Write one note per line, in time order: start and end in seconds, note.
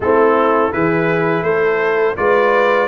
0.00 0.72 A3
0.00 0.71 C4
0.00 0.72 E4
0.00 0.72 A4
0.71 1.42 E3
0.71 2.16 E4
0.71 1.44 G#4
0.71 1.43 B4
1.42 2.14 A3
1.42 2.18 A4
1.42 2.15 C5
2.16 2.88 G#3
2.16 2.88 F4
2.16 2.88 B4
2.16 2.88 D5